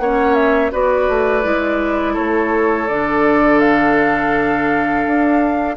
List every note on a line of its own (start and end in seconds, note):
0.00 0.72 A#3
0.00 0.72 C#4
0.00 0.72 C#5
0.00 0.35 F#5
0.35 0.71 E5
0.72 1.09 B3
0.72 1.44 F#4
0.72 2.14 B4
0.72 2.16 D5
1.09 1.45 A3
1.44 2.17 G#3
1.44 2.88 E4
2.14 2.90 A3
2.14 5.75 A4
2.14 2.88 C#5
2.88 5.06 D3
2.88 5.77 D4
2.88 3.59 D5
3.59 5.76 F5
5.06 5.77 D4